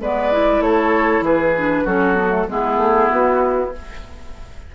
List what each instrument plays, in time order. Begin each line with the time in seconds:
0.00 bassoon G#3, clarinet B3, oboe B4, flute D5
0.32 clarinet E4
0.60 bassoon A3, oboe A4, flute C#5
1.20 bassoon E3, oboe G#4, flute B4
1.56 clarinet D4
1.84 bassoon F#3, clarinet C#4, oboe F#4, flute A4
2.15 clarinet B3
2.30 clarinet A3
2.48 bassoon G#3, clarinet B3, oboe E4, flute G#4
2.78 bassoon A3
3.10 bassoon B3, flute F#4